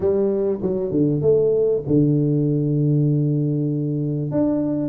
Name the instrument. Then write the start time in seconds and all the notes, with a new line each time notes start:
tuba
0.00 G3
0.62 F#3
0.91 D3
1.21 A3
1.87 D3
4.31 D4